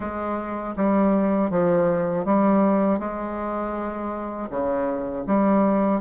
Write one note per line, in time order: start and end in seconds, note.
0.00 0.74 G#3
0.76 1.50 G3
1.50 2.25 F3
2.25 2.99 G3
2.99 4.49 G#3
4.50 5.25 C#3
5.26 6.00 G3